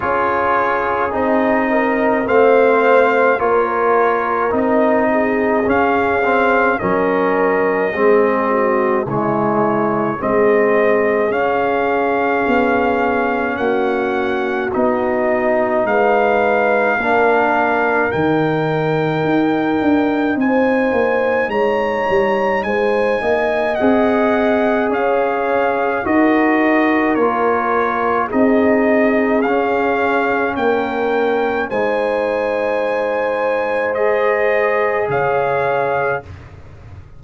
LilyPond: <<
  \new Staff \with { instrumentName = "trumpet" } { \time 4/4 \tempo 4 = 53 cis''4 dis''4 f''4 cis''4 | dis''4 f''4 dis''2 | cis''4 dis''4 f''2 | fis''4 dis''4 f''2 |
g''2 gis''4 ais''4 | gis''4 fis''4 f''4 dis''4 | cis''4 dis''4 f''4 g''4 | gis''2 dis''4 f''4 | }
  \new Staff \with { instrumentName = "horn" } { \time 4/4 gis'4. ais'8 c''4 ais'4~ | ais'8 gis'4. ais'4 gis'8 fis'8 | e'4 gis'2. | fis'2 b'4 ais'4~ |
ais'2 c''4 cis''4 | c''8 dis''4. cis''4 ais'4~ | ais'4 gis'2 ais'4 | c''2. cis''4 | }
  \new Staff \with { instrumentName = "trombone" } { \time 4/4 f'4 dis'4 c'4 f'4 | dis'4 cis'8 c'8 cis'4 c'4 | gis4 c'4 cis'2~ | cis'4 dis'2 d'4 |
dis'1~ | dis'4 gis'2 fis'4 | f'4 dis'4 cis'2 | dis'2 gis'2 | }
  \new Staff \with { instrumentName = "tuba" } { \time 4/4 cis'4 c'4 a4 ais4 | c'4 cis'4 fis4 gis4 | cis4 gis4 cis'4 b4 | ais4 b4 gis4 ais4 |
dis4 dis'8 d'8 c'8 ais8 gis8 g8 | gis8 ais8 c'4 cis'4 dis'4 | ais4 c'4 cis'4 ais4 | gis2. cis4 | }
>>